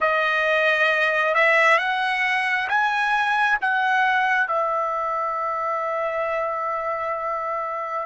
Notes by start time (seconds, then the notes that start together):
0.00 D#5
1.34 E5
1.78 F#5
2.68 G#5
3.61 F#5
4.47 E5